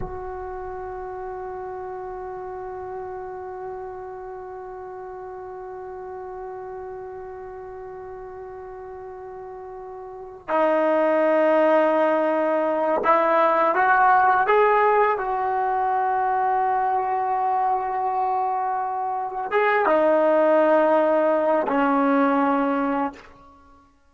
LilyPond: \new Staff \with { instrumentName = "trombone" } { \time 4/4 \tempo 4 = 83 fis'1~ | fis'1~ | fis'1~ | fis'2~ fis'8 dis'4.~ |
dis'2 e'4 fis'4 | gis'4 fis'2.~ | fis'2. gis'8 dis'8~ | dis'2 cis'2 | }